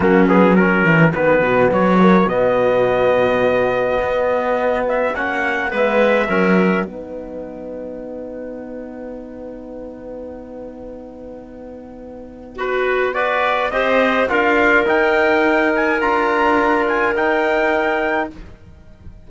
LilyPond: <<
  \new Staff \with { instrumentName = "trumpet" } { \time 4/4 \tempo 4 = 105 fis'8 gis'8 ais'4 b'4 cis''4 | dis''1~ | dis''8 e''8 fis''4 e''2 | fis''1~ |
fis''1~ | fis''2 b'4 d''4 | dis''4 f''4 g''4. gis''8 | ais''4. gis''8 g''2 | }
  \new Staff \with { instrumentName = "clarinet" } { \time 4/4 cis'4 fis'2.~ | fis'1~ | fis'2 b'4 ais'4 | b'1~ |
b'1~ | b'2 fis'4 b'4 | c''4 ais'2.~ | ais'1 | }
  \new Staff \with { instrumentName = "trombone" } { \time 4/4 ais8 b8 cis'4 b4. ais8 | b1~ | b4 cis'4 b4 cis'4 | dis'1~ |
dis'1~ | dis'2. fis'4 | g'4 f'4 dis'2 | f'2 dis'2 | }
  \new Staff \with { instrumentName = "cello" } { \time 4/4 fis4. e8 dis8 b,8 fis4 | b,2. b4~ | b4 ais4 gis4 fis4 | b1~ |
b1~ | b1 | c'4 d'4 dis'2 | d'2 dis'2 | }
>>